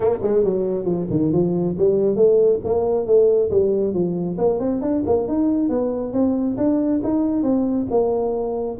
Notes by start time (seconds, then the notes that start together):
0.00 A#3
0.22 G#3
0.44 F#3
0.84 F3
1.10 D#3
1.32 F3
1.78 G3
2.16 A3
2.64 A#3
3.06 A3
3.50 G3
3.93 F3
4.38 A#3
4.59 C4
4.81 D4
5.06 A#3
5.28 D#4
5.69 B3
6.13 C4
6.57 D4
7.03 D#4
7.43 C4
7.90 A#3